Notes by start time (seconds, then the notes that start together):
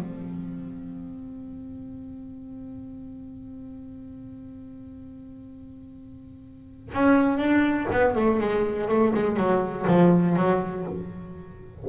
0.00 C4
6.94 C#4
7.38 D4
7.92 B3
8.15 A3
8.40 G#3
8.89 A3
9.14 G#3
9.37 F#3
9.87 F3
10.36 F#3